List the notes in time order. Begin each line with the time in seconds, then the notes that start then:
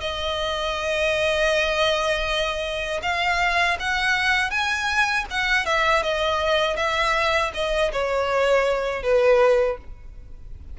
0.00 D#5
3.02 F5
3.79 F#5
4.50 G#5
5.30 F#5
5.65 E5
6.03 D#5
6.76 E5
7.54 D#5
7.92 C#5
9.02 B4